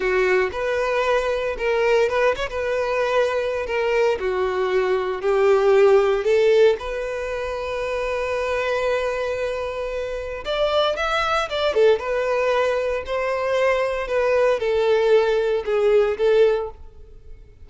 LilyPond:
\new Staff \with { instrumentName = "violin" } { \time 4/4 \tempo 4 = 115 fis'4 b'2 ais'4 | b'8 cis''16 b'2~ b'16 ais'4 | fis'2 g'2 | a'4 b'2.~ |
b'1 | d''4 e''4 d''8 a'8 b'4~ | b'4 c''2 b'4 | a'2 gis'4 a'4 | }